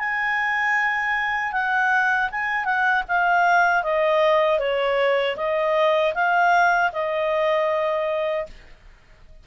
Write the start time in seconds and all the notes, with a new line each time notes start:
0.00 G#5
1.53 F#5
2.32 G#5
2.65 F#5
3.08 F5
3.84 D#5
4.60 C#5
5.37 D#5
6.15 F5
6.93 D#5